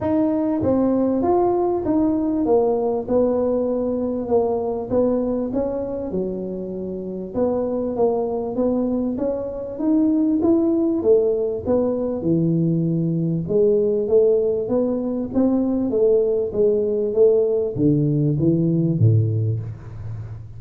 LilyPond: \new Staff \with { instrumentName = "tuba" } { \time 4/4 \tempo 4 = 98 dis'4 c'4 f'4 dis'4 | ais4 b2 ais4 | b4 cis'4 fis2 | b4 ais4 b4 cis'4 |
dis'4 e'4 a4 b4 | e2 gis4 a4 | b4 c'4 a4 gis4 | a4 d4 e4 a,4 | }